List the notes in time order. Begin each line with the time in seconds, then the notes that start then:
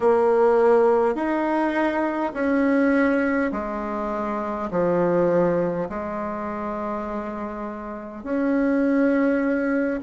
0.00 A#3
1.15 D#4
2.33 C#4
3.52 G#3
4.71 F3
5.89 G#3
8.23 C#4